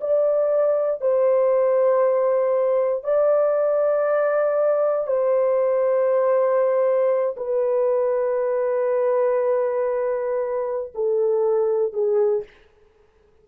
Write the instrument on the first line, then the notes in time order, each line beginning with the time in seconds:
horn
0.00 D5
1.01 C5
3.04 D5
5.07 C5
7.36 B4
10.94 A4
11.93 G#4